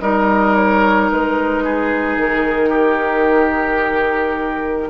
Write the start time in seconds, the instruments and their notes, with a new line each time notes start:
0.00 bassoon G3, clarinet D#4, oboe A#4, flute D#5
0.55 flute C#5
1.10 bassoon G#3, flute B4
1.63 oboe G#4
2.16 bassoon D#3, flute A#4
2.69 oboe G4